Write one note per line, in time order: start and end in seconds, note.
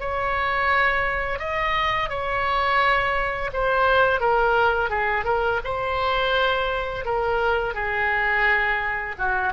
0.00 1.39 C#5
1.39 2.10 D#5
2.10 3.51 C#5
3.53 4.20 C5
4.20 4.90 A#4
4.90 5.25 G#4
5.25 5.60 A#4
5.64 7.05 C5
7.05 7.75 A#4
7.75 9.16 G#4
9.19 9.54 F#4